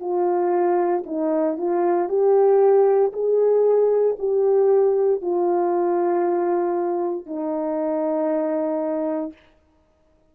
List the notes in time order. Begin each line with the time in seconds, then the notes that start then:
0.00 F4
1.05 D#4
1.57 F4
2.08 G4
3.13 G#4
4.18 G4
5.21 F4
7.26 D#4